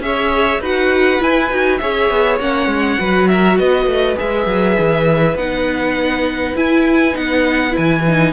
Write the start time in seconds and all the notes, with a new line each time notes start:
0.00 C#4 G#4 C#5 E5
0.60 D#4 F#4 B4 F#5
1.20 E4 G#5
1.51 D#4 F#4
1.78 C#4 G#4 C#5 E5
2.11 B3
2.40 A#3 C#4 F#5
2.67 G#3
3.00 F#3 F#4 B4
3.28 A#4 E5
3.58 B3 B4 D#5
3.86 A3
4.17 G#3 G#4 E5
4.47 F#3
4.79 E3
5.35 B3 D#4 F#5
6.56 E4 G#5
7.13 B3 D#4 F#5
7.71 E4
7.77 E3 G#5
8.08 D#4